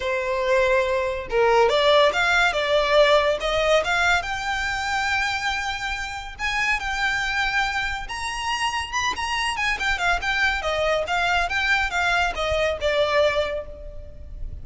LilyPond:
\new Staff \with { instrumentName = "violin" } { \time 4/4 \tempo 4 = 141 c''2. ais'4 | d''4 f''4 d''2 | dis''4 f''4 g''2~ | g''2. gis''4 |
g''2. ais''4~ | ais''4 b''8 ais''4 gis''8 g''8 f''8 | g''4 dis''4 f''4 g''4 | f''4 dis''4 d''2 | }